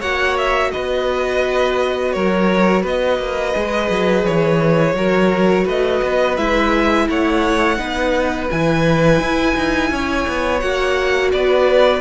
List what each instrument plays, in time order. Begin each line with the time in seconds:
0.00 cello A#3, viola F#4, violin C#5 F#5
0.38 violin E5
0.72 cello B3, violin B4 D#5
2.13 cello F#3, violin A#4 C#5
2.83 cello B3, violin B4 D#5
3.19 cello A#3
3.53 cello G#3, viola G#4
3.91 cello F#3
4.26 cello E3, violin C#5
4.95 cello F#3, viola F#4, violin A#4
5.65 cello A3, violin B4 D#5
6.03 cello B3
6.38 cello G#3, viola E4, violin E5
7.09 cello A3, violin C#5 F#5
7.78 cello B3, viola D#4, violin B4
8.51 cello E3, viola E4, violin G#5
9.20 cello E4
9.56 cello D#4
9.91 cello C#4, violin C#5
10.28 cello B3
10.60 cello A#3, viola F#4, violin F#5
11.33 cello B3, violin B4 D5